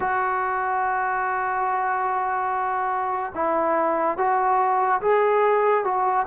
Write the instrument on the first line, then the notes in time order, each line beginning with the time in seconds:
trombone
0.00 F#4
3.34 E4
4.17 F#4
5.01 G#4
5.84 F#4